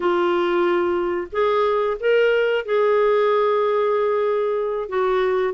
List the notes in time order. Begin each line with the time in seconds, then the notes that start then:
0.00 F4
1.32 G#4
2.00 A#4
2.65 G#4
4.88 F#4